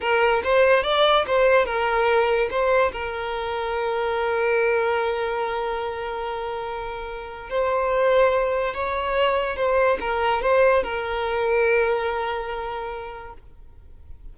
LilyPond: \new Staff \with { instrumentName = "violin" } { \time 4/4 \tempo 4 = 144 ais'4 c''4 d''4 c''4 | ais'2 c''4 ais'4~ | ais'1~ | ais'1~ |
ais'2 c''2~ | c''4 cis''2 c''4 | ais'4 c''4 ais'2~ | ais'1 | }